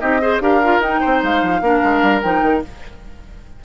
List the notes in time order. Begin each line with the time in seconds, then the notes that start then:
0.00 C4 D#4 G4 D#5
0.21 G#4 C5
0.40 D4 G4 A#4 F5
0.64 F4
0.80 D#4 G5
1.01 C4 C5
1.23 G#3 F5
1.42 F3
1.62 A#3 D4 A#4
1.84 G#3
2.03 G3
2.22 F3 D#4 G5
2.42 D#3